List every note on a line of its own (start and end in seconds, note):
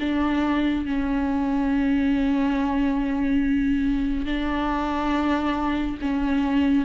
0.00 0.86 D4
0.86 4.26 C#4
4.26 5.98 D4
6.02 6.86 C#4